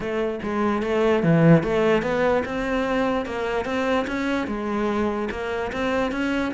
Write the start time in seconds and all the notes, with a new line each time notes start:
0.00 A3
0.42 G#3
0.82 A3
1.23 E3
1.63 A3
2.02 B3
2.45 C4
3.25 A#3
3.65 C4
4.07 C#4
4.47 G#3
5.30 A#3
5.72 C4
6.11 C#4